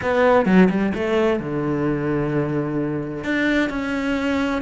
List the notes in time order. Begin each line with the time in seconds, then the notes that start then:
0.01 B3
0.45 F#3
0.69 G3
0.94 A3
1.39 D3
3.23 D4
3.69 C#4